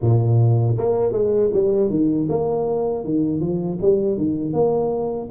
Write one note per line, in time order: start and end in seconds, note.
0.01 0.77 A#2
0.77 1.12 A#3
1.12 1.50 G#3
1.53 1.90 G3
1.90 2.28 D#3
2.29 3.04 A#3
3.04 3.40 D#3
3.40 3.78 F3
3.81 4.17 G3
4.17 4.53 D#3
4.53 5.29 A#3